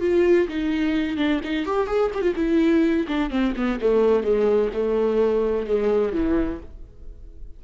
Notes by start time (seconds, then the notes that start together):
0.00 F4
0.48 D#4
1.17 D4
1.43 D#4
1.65 G4
1.87 G#4
2.14 G4
2.21 F4
2.35 E4
3.07 D4
3.30 C4
3.56 B3
3.80 A3
4.23 G#3
4.73 A3
5.66 G#3
6.12 E3